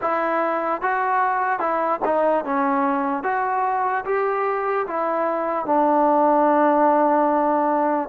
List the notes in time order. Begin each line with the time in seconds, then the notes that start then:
0.01 E4
0.81 F#4
1.59 E4
2.05 D#4
2.44 C#4
3.23 F#4
4.05 G4
4.87 E4
5.65 D4